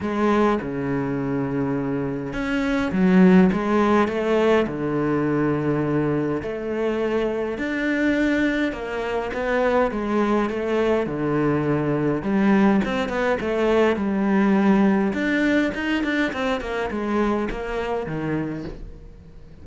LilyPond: \new Staff \with { instrumentName = "cello" } { \time 4/4 \tempo 4 = 103 gis4 cis2. | cis'4 fis4 gis4 a4 | d2. a4~ | a4 d'2 ais4 |
b4 gis4 a4 d4~ | d4 g4 c'8 b8 a4 | g2 d'4 dis'8 d'8 | c'8 ais8 gis4 ais4 dis4 | }